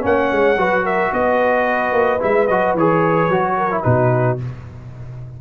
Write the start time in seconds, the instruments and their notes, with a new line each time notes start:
0.00 tuba A#3, trombone C#4, trumpet F#5
0.06 horn C#5
0.31 tuba G#3
0.56 tuba F#3, trombone F#4, horn B4
0.84 horn A#4, trumpet E5
1.12 tuba B3, horn B4, trumpet D#5
1.92 tuba A#3
2.19 tuba G#3, trombone E4, trumpet E5
2.47 tuba F#3, trombone F#4, trumpet D#5
2.74 tuba E3, trombone G#4, trumpet C#5
3.28 tuba F#3, trombone F#4
3.57 horn A#4
3.71 trombone E4
3.82 tuba B2, trombone D#4, horn F#4, trumpet B4